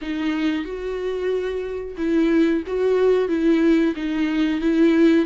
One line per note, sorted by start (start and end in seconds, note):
0.01 0.64 D#4
0.64 1.96 F#4
1.97 2.63 E4
2.66 3.28 F#4
3.28 3.94 E4
3.95 4.61 D#4
4.61 5.25 E4